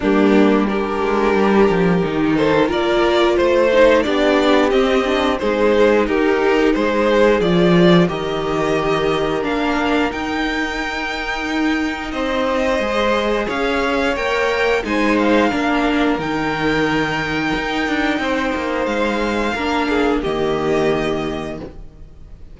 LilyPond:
<<
  \new Staff \with { instrumentName = "violin" } { \time 4/4 \tempo 4 = 89 g'4 ais'2~ ais'8 c''8 | d''4 c''4 d''4 dis''4 | c''4 ais'4 c''4 d''4 | dis''2 f''4 g''4~ |
g''2 dis''2 | f''4 g''4 gis''8 f''4. | g''1 | f''2 dis''2 | }
  \new Staff \with { instrumentName = "violin" } { \time 4/4 d'4 g'2~ g'8 a'8 | ais'4 c''4 g'2 | gis'4 g'4 gis'2 | ais'1~ |
ais'2 c''2 | cis''2 c''4 ais'4~ | ais'2. c''4~ | c''4 ais'8 gis'8 g'2 | }
  \new Staff \with { instrumentName = "viola" } { \time 4/4 ais4 d'2 dis'4 | f'4. dis'8 d'4 c'8 d'8 | dis'2. f'4 | g'2 d'4 dis'4~ |
dis'2. gis'4~ | gis'4 ais'4 dis'4 d'4 | dis'1~ | dis'4 d'4 ais2 | }
  \new Staff \with { instrumentName = "cello" } { \time 4/4 g4. gis8 g8 f8 dis4 | ais4 a4 b4 c'4 | gis4 dis'4 gis4 f4 | dis2 ais4 dis'4~ |
dis'2 c'4 gis4 | cis'4 ais4 gis4 ais4 | dis2 dis'8 d'8 c'8 ais8 | gis4 ais4 dis2 | }
>>